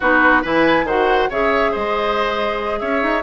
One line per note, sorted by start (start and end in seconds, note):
0.00 0.44 B3
0.00 0.43 D#4
0.00 0.42 F#4
0.00 0.44 B4
0.42 0.84 E3
0.42 0.86 E4
0.42 0.85 B4
0.42 0.87 G#5
0.84 1.27 D#3
0.84 1.30 F#4
0.84 1.29 C5
0.84 1.30 F#5
1.29 1.74 C#3
1.29 3.22 G#4
1.29 1.71 C#5
1.29 1.73 E5
1.71 2.81 G#3
1.71 2.79 C5
1.71 2.79 D#5
2.79 3.03 C#4
2.79 3.22 C#5
2.79 3.22 E5
3.03 3.22 D#4